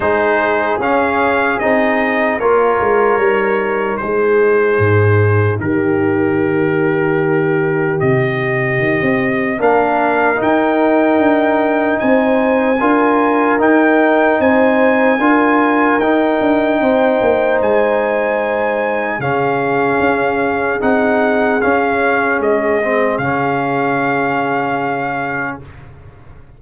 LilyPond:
<<
  \new Staff \with { instrumentName = "trumpet" } { \time 4/4 \tempo 4 = 75 c''4 f''4 dis''4 cis''4~ | cis''4 c''2 ais'4~ | ais'2 dis''2 | f''4 g''2 gis''4~ |
gis''4 g''4 gis''2 | g''2 gis''2 | f''2 fis''4 f''4 | dis''4 f''2. | }
  \new Staff \with { instrumentName = "horn" } { \time 4/4 gis'2. ais'4~ | ais'4 gis'2 g'4~ | g'1 | ais'2. c''4 |
ais'2 c''4 ais'4~ | ais'4 c''2. | gis'1~ | gis'1 | }
  \new Staff \with { instrumentName = "trombone" } { \time 4/4 dis'4 cis'4 dis'4 f'4 | dis'1~ | dis'1 | d'4 dis'2. |
f'4 dis'2 f'4 | dis'1 | cis'2 dis'4 cis'4~ | cis'8 c'8 cis'2. | }
  \new Staff \with { instrumentName = "tuba" } { \time 4/4 gis4 cis'4 c'4 ais8 gis8 | g4 gis4 gis,4 dis4~ | dis2 c4 dis16 c'8. | ais4 dis'4 d'4 c'4 |
d'4 dis'4 c'4 d'4 | dis'8 d'8 c'8 ais8 gis2 | cis4 cis'4 c'4 cis'4 | gis4 cis2. | }
>>